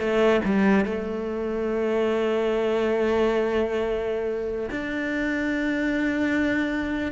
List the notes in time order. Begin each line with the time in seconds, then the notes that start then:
0.00 A3
0.45 G3
0.85 A3
4.71 D4